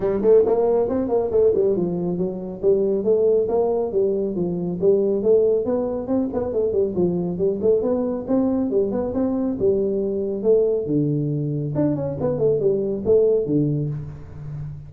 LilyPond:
\new Staff \with { instrumentName = "tuba" } { \time 4/4 \tempo 4 = 138 g8 a8 ais4 c'8 ais8 a8 g8 | f4 fis4 g4 a4 | ais4 g4 f4 g4 | a4 b4 c'8 b8 a8 g8 |
f4 g8 a8 b4 c'4 | g8 b8 c'4 g2 | a4 d2 d'8 cis'8 | b8 a8 g4 a4 d4 | }